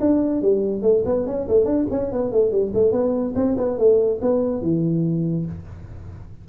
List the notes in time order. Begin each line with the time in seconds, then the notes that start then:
0.00 D4
0.41 G3
0.82 A3
1.05 B3
1.26 C#4
1.48 A3
1.65 D4
1.90 C#4
2.12 B3
2.32 A3
2.51 G3
2.73 A3
2.92 B3
3.35 C4
3.57 B3
3.78 A3
4.21 B3
4.62 E3